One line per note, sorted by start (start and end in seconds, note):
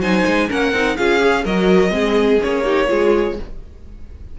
0.00 0.24 F#3
0.00 0.49 D#4
0.00 0.49 C5
0.00 0.50 G#5
0.26 0.50 G#3
0.49 0.73 A#3
0.49 0.73 C#4
0.49 0.97 A#4
0.49 0.97 F#5
0.73 0.97 C4
0.73 0.98 D#4
0.97 1.45 C#4
0.97 1.20 F4
0.97 1.45 G#4
0.97 1.45 F5
1.20 1.44 G#4
1.45 1.91 F#3
1.45 1.91 F#4
1.45 1.93 A#4
1.45 2.42 D#5
1.91 2.39 G#3
1.91 2.39 C4
1.91 2.65 G#4
2.41 2.91 A#3
2.41 2.65 C#4
2.41 3.39 C#5
2.65 2.88 D#4
2.65 2.89 G4
2.88 3.39 G#3
2.88 3.36 F4
2.88 3.38 G#4